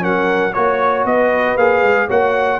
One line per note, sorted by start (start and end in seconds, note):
0.00 0.57 F#3
0.00 0.52 C#4
0.00 0.54 A#4
0.00 0.54 F#5
0.54 1.05 A#3
0.54 1.59 F#4
0.54 1.05 C#5
0.54 1.07 C#5
1.05 1.57 B3
1.05 2.08 B4
1.05 1.58 D#5
1.57 1.83 A#3
1.57 2.09 G#4
1.57 2.09 F5
1.83 2.09 G#3
2.08 2.60 A#3
2.08 2.60 F#4
2.08 2.60 C#5
2.08 2.60 F#5